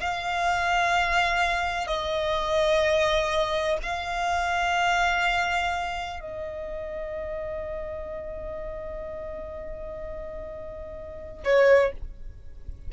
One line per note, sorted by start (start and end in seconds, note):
0.00 1.87 F5
1.87 3.77 D#5
3.83 6.20 F5
6.20 11.44 D#5
11.44 11.92 C#5